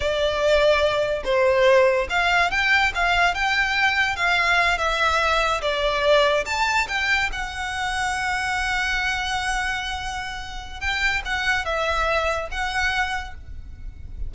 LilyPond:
\new Staff \with { instrumentName = "violin" } { \time 4/4 \tempo 4 = 144 d''2. c''4~ | c''4 f''4 g''4 f''4 | g''2 f''4. e''8~ | e''4. d''2 a''8~ |
a''8 g''4 fis''2~ fis''8~ | fis''1~ | fis''2 g''4 fis''4 | e''2 fis''2 | }